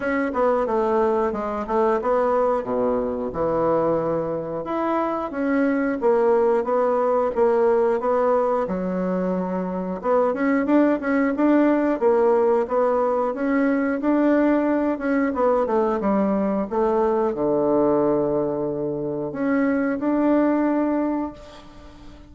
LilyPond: \new Staff \with { instrumentName = "bassoon" } { \time 4/4 \tempo 4 = 90 cis'8 b8 a4 gis8 a8 b4 | b,4 e2 e'4 | cis'4 ais4 b4 ais4 | b4 fis2 b8 cis'8 |
d'8 cis'8 d'4 ais4 b4 | cis'4 d'4. cis'8 b8 a8 | g4 a4 d2~ | d4 cis'4 d'2 | }